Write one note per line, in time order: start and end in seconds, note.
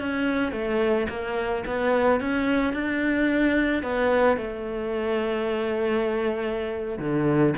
0.00 0.52 C#4
0.52 1.07 A3
1.09 1.64 A#3
1.66 2.20 B3
2.20 2.73 C#4
2.73 3.83 D4
3.83 4.37 B3
4.37 6.99 A3
6.99 7.54 D3